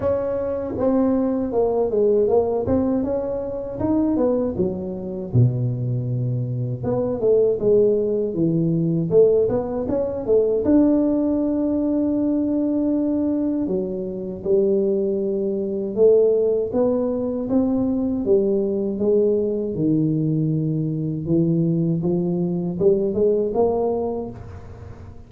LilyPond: \new Staff \with { instrumentName = "tuba" } { \time 4/4 \tempo 4 = 79 cis'4 c'4 ais8 gis8 ais8 c'8 | cis'4 dis'8 b8 fis4 b,4~ | b,4 b8 a8 gis4 e4 | a8 b8 cis'8 a8 d'2~ |
d'2 fis4 g4~ | g4 a4 b4 c'4 | g4 gis4 dis2 | e4 f4 g8 gis8 ais4 | }